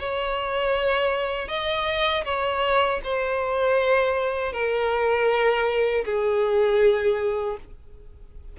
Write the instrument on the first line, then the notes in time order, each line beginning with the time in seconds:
violin
0.00 C#5
1.48 D#5
2.25 C#5
3.04 C5
4.53 A#4
6.05 G#4